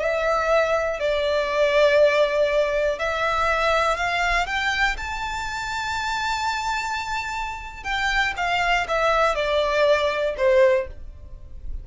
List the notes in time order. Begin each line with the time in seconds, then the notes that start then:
0.00 E5
1.00 D5
2.99 E5
3.97 F5
4.46 G5
4.97 A5
7.84 G5
8.37 F5
8.88 E5
9.35 D5
10.37 C5